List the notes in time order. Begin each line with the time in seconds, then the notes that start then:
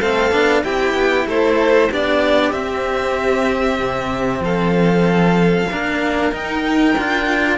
0.00 A3 C4 A4 F5
0.31 B3 D4
0.63 C4 E4 G4 G5
0.94 B3
1.27 A3 A4 C5
1.91 B3 D4 G4 D5
2.52 C4 E5
3.79 C3
4.40 F3 A4 F5
5.71 A#3 D4 A#4
6.31 D#4 G5
6.96 D4 F4